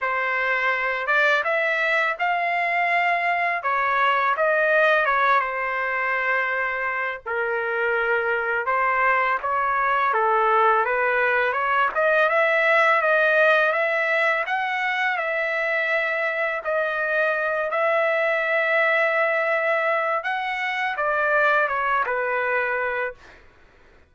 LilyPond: \new Staff \with { instrumentName = "trumpet" } { \time 4/4 \tempo 4 = 83 c''4. d''8 e''4 f''4~ | f''4 cis''4 dis''4 cis''8 c''8~ | c''2 ais'2 | c''4 cis''4 a'4 b'4 |
cis''8 dis''8 e''4 dis''4 e''4 | fis''4 e''2 dis''4~ | dis''8 e''2.~ e''8 | fis''4 d''4 cis''8 b'4. | }